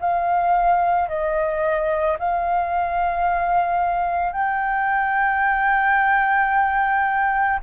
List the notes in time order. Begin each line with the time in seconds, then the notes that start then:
0.00 F5
1.09 D#5
2.19 F5
4.32 G5